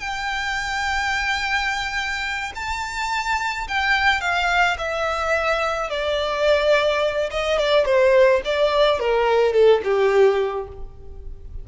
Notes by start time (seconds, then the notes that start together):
0.00 G5
2.55 A5
3.68 G5
4.21 F5
4.78 E5
5.90 D5
7.30 D#5
7.58 D5
7.85 C5
8.45 D5
8.99 A#4
9.53 A4
9.84 G4